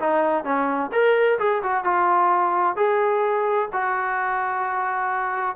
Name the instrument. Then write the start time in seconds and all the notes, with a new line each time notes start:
trombone
0.00 D#4
0.44 C#4
0.92 A#4
1.39 G#4
1.63 F#4
1.84 F4
2.76 G#4
3.73 F#4